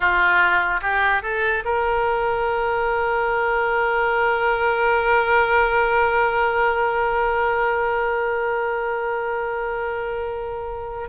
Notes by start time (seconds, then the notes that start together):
0.00 F4
0.81 G4
1.22 A4
1.64 A#4